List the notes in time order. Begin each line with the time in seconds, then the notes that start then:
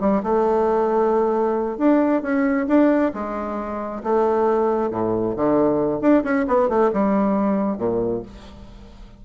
0.00 G3
0.23 A3
1.78 D4
2.22 C#4
2.68 D4
3.14 G#3
4.03 A3
4.91 A2
5.36 D3
6.01 D4
6.24 C#4
6.48 B3
6.69 A3
6.93 G3
7.78 A#2